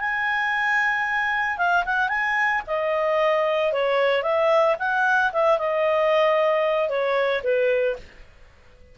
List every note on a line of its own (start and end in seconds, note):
0.00 1.58 G#5
1.58 1.85 F5
1.86 2.09 F#5
2.09 2.62 G#5
2.67 3.73 D#5
3.73 4.23 C#5
4.23 4.76 E5
4.79 5.32 F#5
5.33 5.58 E5
5.58 6.89 D#5
6.89 7.42 C#5
7.44 7.97 B4